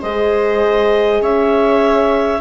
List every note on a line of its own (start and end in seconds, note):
0.00 1.21 G#3
0.00 2.41 G#4
0.00 1.20 C5
0.00 1.22 D#5
1.21 2.41 C#4
1.21 2.41 C#5
1.21 2.41 E5